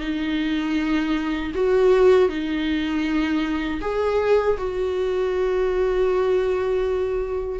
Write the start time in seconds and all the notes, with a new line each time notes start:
0.00 D#4
1.54 F#4
2.29 D#4
3.81 G#4
4.57 F#4